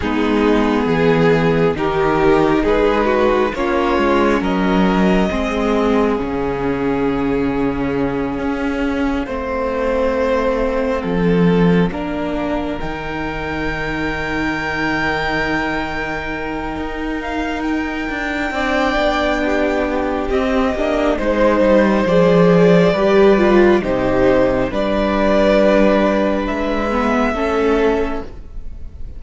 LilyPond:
<<
  \new Staff \with { instrumentName = "violin" } { \time 4/4 \tempo 4 = 68 gis'2 ais'4 b'4 | cis''4 dis''2 f''4~ | f''1~ | f''2~ f''8 g''4.~ |
g''2.~ g''8 f''8 | g''2. dis''4 | c''4 d''2 c''4 | d''2 e''2 | }
  \new Staff \with { instrumentName = "violin" } { \time 4/4 dis'4 gis'4 g'4 gis'8 fis'8 | f'4 ais'4 gis'2~ | gis'2~ gis'8 c''4.~ | c''8 a'4 ais'2~ ais'8~ |
ais'1~ | ais'4 d''4 g'2 | c''2 b'4 g'4 | b'2. a'4 | }
  \new Staff \with { instrumentName = "viola" } { \time 4/4 b2 dis'2 | cis'2 c'4 cis'4~ | cis'2~ cis'8 c'4.~ | c'4. d'4 dis'4.~ |
dis'1~ | dis'4 d'2 c'8 d'8 | dis'4 gis'4 g'8 f'8 dis'4 | d'2~ d'8 b8 cis'4 | }
  \new Staff \with { instrumentName = "cello" } { \time 4/4 gis4 e4 dis4 gis4 | ais8 gis8 fis4 gis4 cis4~ | cis4. cis'4 a4.~ | a8 f4 ais4 dis4.~ |
dis2. dis'4~ | dis'8 d'8 c'8 b4. c'8 ais8 | gis8 g8 f4 g4 c4 | g2 gis4 a4 | }
>>